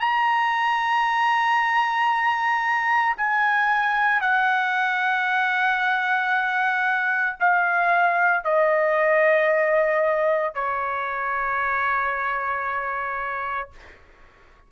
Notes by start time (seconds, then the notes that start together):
0.00 A#5
3.17 G#5
4.21 F#5
7.40 F5
8.44 D#5
10.55 C#5